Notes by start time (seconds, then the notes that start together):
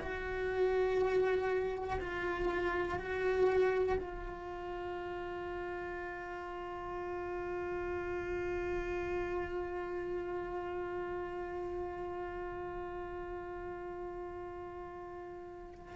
0.00 F#4
2.00 F4
2.99 F#4
4.00 F4